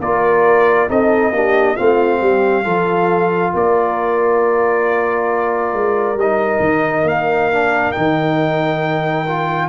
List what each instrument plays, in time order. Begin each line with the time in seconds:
0.00 tuba A#3, trombone F4, horn A#4, trumpet D5
0.89 tuba C4, trombone D#4, horn A4, trumpet D#5
1.32 tuba A#3, trombone D4, horn G4
1.76 tuba A3, trombone C4, horn F4, trumpet F5
2.21 tuba G3, horn G4
2.64 tuba F3, trombone F4, horn A4
3.54 tuba A#3, horn A#4, trumpet D5
5.73 tuba G#3
6.15 tuba G3, trumpet D#5
6.22 trombone D#4
6.60 tuba D#3
7.04 tuba A#3, trumpet F5
7.53 trombone D4
7.92 tuba D#3, trombone D#4, trumpet G5
9.28 trombone F4